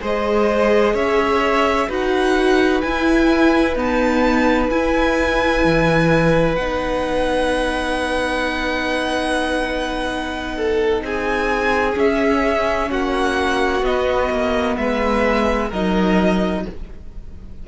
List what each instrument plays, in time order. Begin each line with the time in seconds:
0.00 cello G#3, viola G#4, violin C5 D#5
0.94 cello C#4, violin C#5 E5
1.88 cello D#4, viola F#4, violin B4 F#5
2.80 viola E4, cello E4, violin G#5
3.75 viola B3, cello D#4, violin A5
4.70 cello E4, viola E4, violin G#5
5.64 cello E3
6.55 cello B3, viola D#4, violin F#5
10.56 violin A4
11.01 cello C4, violin G#4 G#5
11.94 viola C#4, cello C#4, violin E5
12.89 cello A#3, violin F#4 F#5
13.82 cello B3, viola B3, violin D#5
14.29 cello A#3
14.76 cello G#3, violin B4 E5
15.69 cello F#3, viola D#4, violin A#4 D#5